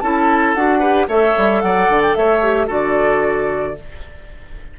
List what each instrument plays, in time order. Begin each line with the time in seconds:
0.00 bassoon C#4, clarinet E4, oboe A4, flute A5
0.54 bassoon D4, clarinet F#4, flute F#5
0.79 clarinet G4, oboe B4
1.08 bassoon A3, clarinet A4, oboe C#5, flute E5
1.37 bassoon G3
1.62 bassoon F#3, oboe D5, flute F#5
1.89 bassoon D3
2.02 flute G5
2.15 bassoon A3, oboe C#5, flute E5
2.43 clarinet G4
2.67 bassoon D3, clarinet F#4, oboe A4, flute D5